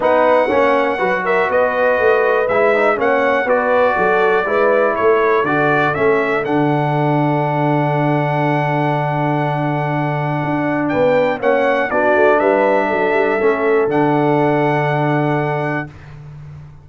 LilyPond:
<<
  \new Staff \with { instrumentName = "trumpet" } { \time 4/4 \tempo 4 = 121 fis''2~ fis''8 e''8 dis''4~ | dis''4 e''4 fis''4 d''4~ | d''2 cis''4 d''4 | e''4 fis''2.~ |
fis''1~ | fis''2 g''4 fis''4 | d''4 e''2. | fis''1 | }
  \new Staff \with { instrumentName = "horn" } { \time 4/4 b'4 cis''4 b'8 ais'8 b'4~ | b'2 cis''4 b'4 | a'4 b'4 a'2~ | a'1~ |
a'1~ | a'2 b'4 cis''4 | fis'4 b'4 a'2~ | a'1 | }
  \new Staff \with { instrumentName = "trombone" } { \time 4/4 dis'4 cis'4 fis'2~ | fis'4 e'8 dis'8 cis'4 fis'4~ | fis'4 e'2 fis'4 | cis'4 d'2.~ |
d'1~ | d'2. cis'4 | d'2. cis'4 | d'1 | }
  \new Staff \with { instrumentName = "tuba" } { \time 4/4 b4 ais4 fis4 b4 | a4 gis4 ais4 b4 | fis4 gis4 a4 d4 | a4 d2.~ |
d1~ | d4 d'4 b4 ais4 | b8 a8 g4 fis8 g8 a4 | d1 | }
>>